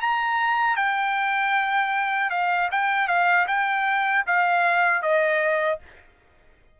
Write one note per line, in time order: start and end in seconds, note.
0.00 0.76 A#5
0.76 2.30 G5
2.30 2.69 F5
2.71 3.07 G5
3.07 3.46 F5
3.47 4.24 G5
4.26 5.02 F5
5.02 5.79 D#5